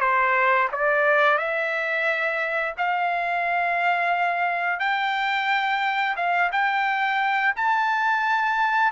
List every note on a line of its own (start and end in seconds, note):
0.00 0.68 C5
0.72 1.38 D5
1.38 2.74 E5
2.78 4.79 F5
4.79 6.15 G5
6.16 6.50 F5
6.52 7.54 G5
7.56 8.92 A5